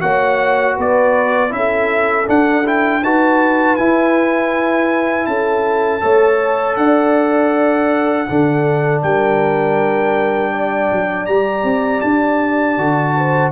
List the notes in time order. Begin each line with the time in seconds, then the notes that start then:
0.00 A#3 F#4 C#5 F#5
0.75 B3 B4 D5
1.49 C#4 E4 E5
1.56 A4
2.26 D4 F#5
2.65 E4 G5
3.03 D#4 F#4 B4 A5
3.76 E4 G#5
5.26 C#4 A4 A5
6.00 A3 A4 C#5
6.76 D4 D5 F#5
8.29 D3 D4 A4
9.02 G3 A#4 G5
10.52 D5
10.91 F#3
11.26 G3 G4 A#5
11.63 C4
12.01 D4 A5
12.77 D3 F#4
13.16 C5